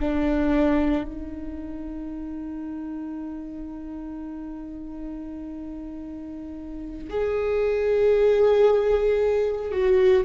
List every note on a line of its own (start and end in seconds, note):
0.00 1.04 D4
1.04 7.10 D#4
7.10 9.72 G#4
9.72 10.25 F#4